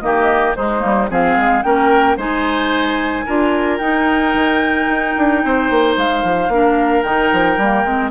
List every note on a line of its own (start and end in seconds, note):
0.00 0.56 D#3
0.00 0.56 A#3
0.00 0.57 G4
0.00 0.54 D#5
0.56 0.84 G#3
0.56 0.79 G#3
0.56 1.10 D#4
0.56 1.10 C5
0.79 1.10 G3
0.79 1.06 A#3
1.10 1.37 F3
1.10 1.63 C4
1.10 1.64 G#4
1.10 1.63 F5
1.37 1.64 G#3
1.63 2.17 A#3
1.63 2.17 C#4
1.63 2.17 A#4
1.63 2.17 G5
2.17 3.25 G#3
2.17 3.26 D#4
2.17 3.25 C5
2.17 3.78 G#5
3.26 3.80 D4
3.26 3.81 F4
3.26 5.42 A#4
3.78 4.34 D#4
3.78 6.51 D#4
3.78 5.94 G5
4.34 4.87 D#3
4.87 5.15 D#4
5.17 5.44 D4
5.44 5.70 C4
5.44 6.53 C5
5.70 5.97 A#3
5.97 6.23 G#3
5.97 7.02 F5
6.23 6.48 F3
6.48 7.02 A#3
6.48 7.04 D4
6.48 8.11 A#4
7.02 7.31 D#3
7.02 7.58 D#4
7.02 8.11 G5
7.33 7.57 F3
7.57 7.84 G3
7.57 7.86 A#3
7.85 8.11 G#3
7.85 8.11 C4